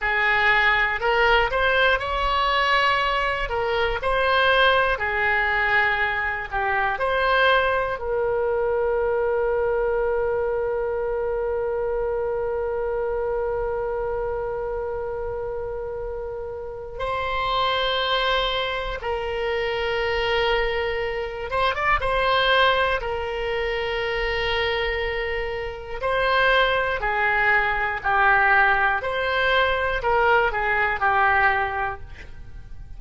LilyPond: \new Staff \with { instrumentName = "oboe" } { \time 4/4 \tempo 4 = 60 gis'4 ais'8 c''8 cis''4. ais'8 | c''4 gis'4. g'8 c''4 | ais'1~ | ais'1~ |
ais'4 c''2 ais'4~ | ais'4. c''16 d''16 c''4 ais'4~ | ais'2 c''4 gis'4 | g'4 c''4 ais'8 gis'8 g'4 | }